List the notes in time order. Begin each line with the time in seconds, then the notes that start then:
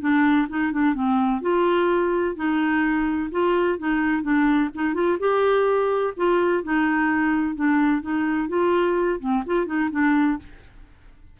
0.00 D4
0.49 D#4
0.72 D4
0.94 C4
1.42 F4
2.36 D#4
3.32 F4
3.79 D#4
4.23 D4
4.75 D#4
4.94 F4
5.19 G4
6.16 F4
6.63 D#4
7.55 D4
8.02 D#4
8.49 F4
9.20 C4
9.46 F4
9.66 D#4
9.91 D4